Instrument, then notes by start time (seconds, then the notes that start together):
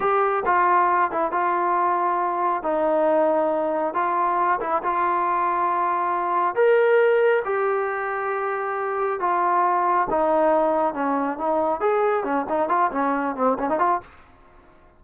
trombone
0.00 G4
0.45 F4
1.11 E4
1.31 F4
2.62 D#4
3.93 F4
4.60 E4
4.83 F4
6.55 A#4
7.44 G4
9.20 F4
10.09 D#4
10.94 C#4
11.38 D#4
11.80 G#4
12.23 C#4
12.49 D#4
12.68 F4
12.91 C#4
13.35 C4
13.59 C#4
13.69 D#4
13.78 F4